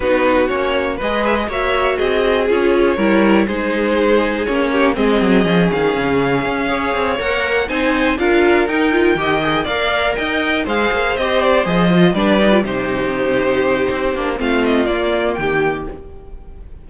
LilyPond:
<<
  \new Staff \with { instrumentName = "violin" } { \time 4/4 \tempo 4 = 121 b'4 cis''4 dis''8 e''16 dis''16 e''4 | dis''4 cis''2 c''4~ | c''4 cis''4 dis''4. f''8~ | f''2~ f''8 fis''4 gis''8~ |
gis''8 f''4 g''2 f''8~ | f''8 g''4 f''4 dis''8 d''8 dis''8~ | dis''8 d''4 c''2~ c''8~ | c''4 f''8 dis''8 d''4 g''4 | }
  \new Staff \with { instrumentName = "violin" } { \time 4/4 fis'2 b'4 cis''4 | gis'2 ais'4 gis'4~ | gis'4. g'8 gis'2~ | gis'4. cis''2 c''8~ |
c''8 ais'2 dis''4 d''8~ | d''8 dis''4 c''2~ c''8~ | c''8 b'4 g'2~ g'8~ | g'4 f'2 g'4 | }
  \new Staff \with { instrumentName = "viola" } { \time 4/4 dis'4 cis'4 gis'4 fis'4~ | fis'4 f'4 e'4 dis'4~ | dis'4 cis'4 c'4 cis'4~ | cis'4. gis'4 ais'4 dis'8~ |
dis'8 f'4 dis'8 f'8 g'8 gis'8 ais'8~ | ais'4. gis'4 g'4 gis'8 | f'8 d'8 dis'16 f'16 dis'2~ dis'8~ | dis'8 d'8 c'4 ais2 | }
  \new Staff \with { instrumentName = "cello" } { \time 4/4 b4 ais4 gis4 ais4 | c'4 cis'4 g4 gis4~ | gis4 ais4 gis8 fis8 f8 dis8 | cis4 cis'4 c'8 ais4 c'8~ |
c'8 d'4 dis'4 dis4 ais8~ | ais8 dis'4 gis8 ais8 c'4 f8~ | f8 g4 c2~ c8 | c'8 ais8 a4 ais4 dis4 | }
>>